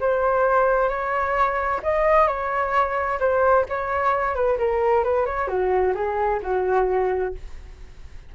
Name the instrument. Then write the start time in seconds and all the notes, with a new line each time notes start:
flute
0.00 C5
0.89 C#5
1.83 D#5
2.27 C#5
3.20 C5
3.69 C#5
4.35 B4
4.58 A#4
5.03 B4
5.26 C#5
5.47 F#4
5.94 G#4
6.42 F#4